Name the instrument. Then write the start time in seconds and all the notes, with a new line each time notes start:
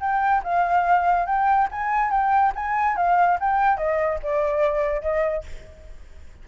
flute
0.00 G5
0.43 F5
1.26 G5
1.71 G#5
2.11 G5
2.55 G#5
2.96 F5
3.40 G5
3.77 D#5
4.23 D5
5.02 D#5